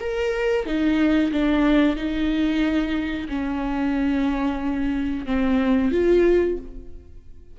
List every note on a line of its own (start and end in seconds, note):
0.00 0.66 A#4
0.66 1.32 D#4
1.32 1.96 D4
1.96 3.28 D#4
3.28 5.26 C#4
5.26 5.91 C4
5.91 6.57 F4